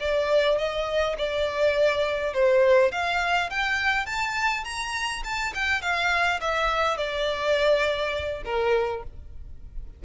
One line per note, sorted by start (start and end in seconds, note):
0.00 0.58 D5
0.58 1.16 D#5
1.18 2.34 D5
2.34 2.92 C5
2.92 3.50 F5
3.50 4.06 G5
4.06 4.64 A5
4.64 5.23 A#5
5.24 5.53 A5
5.54 5.82 G5
5.82 6.40 F5
6.41 6.97 E5
6.97 8.43 D5
8.45 9.03 A#4